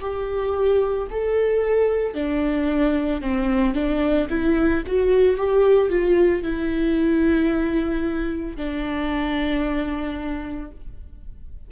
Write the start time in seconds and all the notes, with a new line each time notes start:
0.00 G4
1.11 A4
2.14 D4
3.21 C4
3.74 D4
4.29 E4
4.87 F#4
5.37 G4
5.89 F4
6.43 E4
8.57 D4